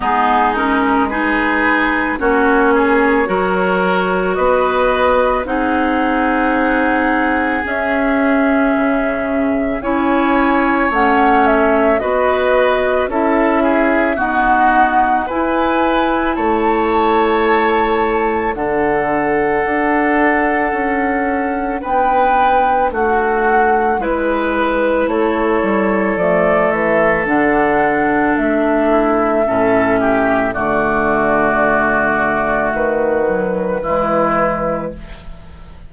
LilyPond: <<
  \new Staff \with { instrumentName = "flute" } { \time 4/4 \tempo 4 = 55 gis'8 ais'8 b'4 cis''2 | dis''4 fis''2 e''4~ | e''4 gis''4 fis''8 e''8 dis''4 | e''4 fis''4 gis''4 a''4~ |
a''4 fis''2. | g''4 fis''4 b'4 cis''4 | d''8 e''8 fis''4 e''2 | d''2 b'2 | }
  \new Staff \with { instrumentName = "oboe" } { \time 4/4 dis'4 gis'4 fis'8 gis'8 ais'4 | b'4 gis'2.~ | gis'4 cis''2 b'4 | a'8 gis'8 fis'4 b'4 cis''4~ |
cis''4 a'2. | b'4 fis'4 b'4 a'4~ | a'2~ a'8 e'8 a'8 g'8 | fis'2. e'4 | }
  \new Staff \with { instrumentName = "clarinet" } { \time 4/4 b8 cis'8 dis'4 cis'4 fis'4~ | fis'4 dis'2 cis'4~ | cis'4 e'4 cis'4 fis'4 | e'4 b4 e'2~ |
e'4 d'2.~ | d'2 e'2 | a4 d'2 cis'4 | a2~ a8 fis8 gis4 | }
  \new Staff \with { instrumentName = "bassoon" } { \time 4/4 gis2 ais4 fis4 | b4 c'2 cis'4 | cis4 cis'4 a4 b4 | cis'4 dis'4 e'4 a4~ |
a4 d4 d'4 cis'4 | b4 a4 gis4 a8 g8 | f8 e8 d4 a4 a,4 | d2 dis4 e4 | }
>>